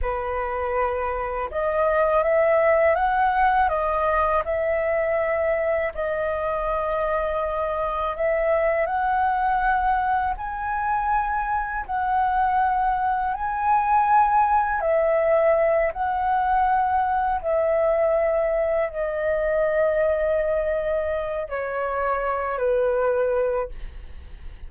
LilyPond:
\new Staff \with { instrumentName = "flute" } { \time 4/4 \tempo 4 = 81 b'2 dis''4 e''4 | fis''4 dis''4 e''2 | dis''2. e''4 | fis''2 gis''2 |
fis''2 gis''2 | e''4. fis''2 e''8~ | e''4. dis''2~ dis''8~ | dis''4 cis''4. b'4. | }